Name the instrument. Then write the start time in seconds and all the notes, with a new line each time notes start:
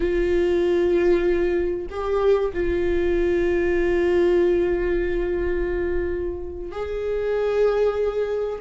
viola
0.00 F4
1.89 G4
2.53 F4
6.71 G#4